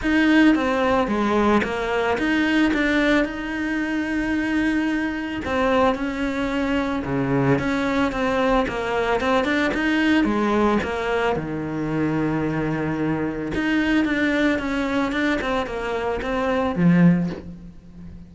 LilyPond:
\new Staff \with { instrumentName = "cello" } { \time 4/4 \tempo 4 = 111 dis'4 c'4 gis4 ais4 | dis'4 d'4 dis'2~ | dis'2 c'4 cis'4~ | cis'4 cis4 cis'4 c'4 |
ais4 c'8 d'8 dis'4 gis4 | ais4 dis2.~ | dis4 dis'4 d'4 cis'4 | d'8 c'8 ais4 c'4 f4 | }